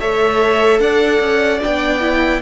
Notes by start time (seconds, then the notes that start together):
0.00 A3 A4 C#5 E5
0.80 D4 D5 F#5
1.20 C#4
1.61 B3 D4 G5
2.01 E4